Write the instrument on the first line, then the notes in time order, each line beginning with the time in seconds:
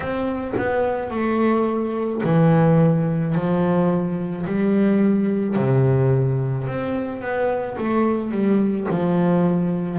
double bass
0.00 C4
0.57 B3
1.10 A3
2.23 E3
3.34 F3
4.46 G3
5.56 C3
6.67 C4
7.21 B3
7.77 A3
8.31 G3
8.89 F3